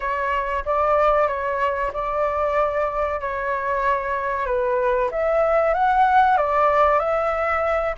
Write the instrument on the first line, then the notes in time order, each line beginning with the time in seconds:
flute
0.00 C#5
0.65 D5
1.27 C#5
1.93 D5
3.20 C#5
4.46 B4
5.11 E5
5.74 F#5
6.37 D5
6.99 E5